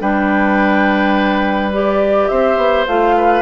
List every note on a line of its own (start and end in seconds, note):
0.00 2.29 G3
0.00 1.71 D4
0.00 2.30 B4
0.00 1.72 G5
1.73 2.87 G4
1.73 2.28 D5
2.28 2.57 C4
2.28 3.16 C5
2.28 2.85 E5
2.57 2.85 B3
2.87 3.42 A3
2.87 3.42 F4
2.87 3.42 F5
3.17 3.42 B4